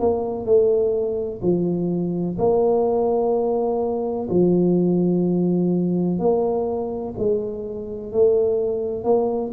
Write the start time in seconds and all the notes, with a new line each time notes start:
0.00 A#3
0.45 A3
1.42 F3
2.38 A#3
4.30 F3
6.19 A#3
7.18 G#3
8.12 A3
9.04 A#3